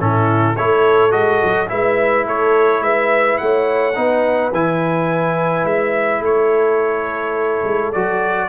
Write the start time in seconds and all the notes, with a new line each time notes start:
0.00 A2 C#4 E4 A4
0.56 A3 E4 A4 C#5
1.11 G#3 F#4 D#5
1.44 F#3
1.68 G#3 E4 B4 E5
2.26 A3 A4 C#5
2.81 G#3 B4 E5
3.38 A3 C#5 F#5
3.96 B3 D#4 B4
4.53 E3 E4 G#5
5.65 G#3 E5
6.21 A3 A4 C#5
7.64 G#3
7.93 F#3 F#4 D5